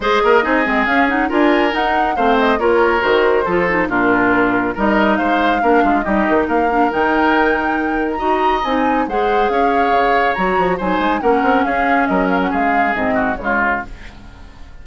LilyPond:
<<
  \new Staff \with { instrumentName = "flute" } { \time 4/4 \tempo 4 = 139 dis''2 f''8 fis''8 gis''4 | fis''4 f''8 dis''8 cis''4 c''4~ | c''4 ais'2 dis''4 | f''2 dis''4 f''4 |
g''2~ g''8. ais''4~ ais''16 | gis''4 fis''4 f''2 | ais''4 gis''4 fis''4 f''4 | dis''8 f''16 fis''16 f''4 dis''4 cis''4 | }
  \new Staff \with { instrumentName = "oboe" } { \time 4/4 c''8 ais'8 gis'2 ais'4~ | ais'4 c''4 ais'2 | a'4 f'2 ais'4 | c''4 ais'8 f'8 g'4 ais'4~ |
ais'2. dis''4~ | dis''4 c''4 cis''2~ | cis''4 c''4 ais'4 gis'4 | ais'4 gis'4. fis'8 f'4 | }
  \new Staff \with { instrumentName = "clarinet" } { \time 4/4 gis'4 dis'8 c'8 cis'8 dis'8 f'4 | dis'4 c'4 f'4 fis'4 | f'8 dis'8 d'2 dis'4~ | dis'4 d'4 dis'4. d'8 |
dis'2. fis'4 | dis'4 gis'2. | fis'4 dis'4 cis'2~ | cis'2 c'4 gis4 | }
  \new Staff \with { instrumentName = "bassoon" } { \time 4/4 gis8 ais8 c'8 gis8 cis'4 d'4 | dis'4 a4 ais4 dis4 | f4 ais,2 g4 | gis4 ais8 gis8 g8 dis8 ais4 |
dis2. dis'4 | c'4 gis4 cis'4 cis4 | fis8 f8 fis8 gis8 ais8 c'8 cis'4 | fis4 gis4 gis,4 cis4 | }
>>